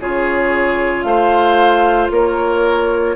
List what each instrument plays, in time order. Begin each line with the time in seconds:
0.00 bassoon C#3, clarinet F4, oboe G#4, flute C#5
1.02 bassoon A3, oboe C5, flute F5
2.11 bassoon A#3, oboe A#4, flute C#5